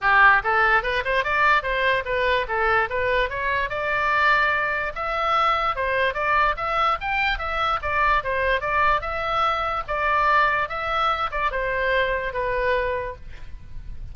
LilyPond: \new Staff \with { instrumentName = "oboe" } { \time 4/4 \tempo 4 = 146 g'4 a'4 b'8 c''8 d''4 | c''4 b'4 a'4 b'4 | cis''4 d''2. | e''2 c''4 d''4 |
e''4 g''4 e''4 d''4 | c''4 d''4 e''2 | d''2 e''4. d''8 | c''2 b'2 | }